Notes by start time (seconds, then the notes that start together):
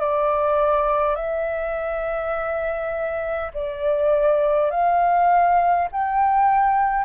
0.00 D5
1.16 E5
3.54 D5
4.71 F5
5.92 G5